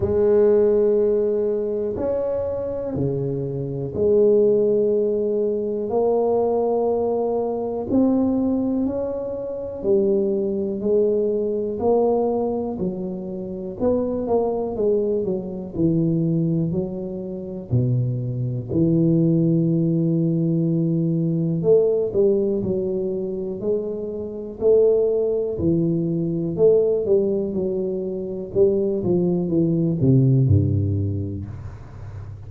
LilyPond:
\new Staff \with { instrumentName = "tuba" } { \time 4/4 \tempo 4 = 61 gis2 cis'4 cis4 | gis2 ais2 | c'4 cis'4 g4 gis4 | ais4 fis4 b8 ais8 gis8 fis8 |
e4 fis4 b,4 e4~ | e2 a8 g8 fis4 | gis4 a4 e4 a8 g8 | fis4 g8 f8 e8 c8 g,4 | }